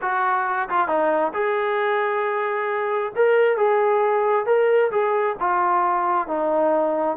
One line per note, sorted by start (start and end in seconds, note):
0.01 0.69 F#4
0.69 0.87 F4
0.87 1.32 D#4
1.33 3.12 G#4
3.15 3.57 A#4
3.57 4.46 G#4
4.46 4.91 A#4
4.91 5.36 G#4
5.40 6.27 F4
6.27 7.17 D#4